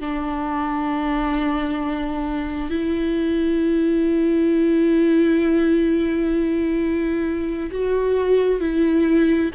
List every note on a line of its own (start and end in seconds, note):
0.00 2.70 D4
2.70 7.70 E4
7.71 8.60 F#4
8.60 9.51 E4